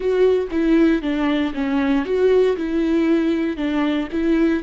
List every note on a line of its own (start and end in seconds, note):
0.00 0.48 F#4
0.51 1.01 E4
1.01 1.53 D4
1.54 2.05 C#4
2.05 2.56 F#4
2.56 3.56 E4
3.56 4.08 D4
4.12 4.63 E4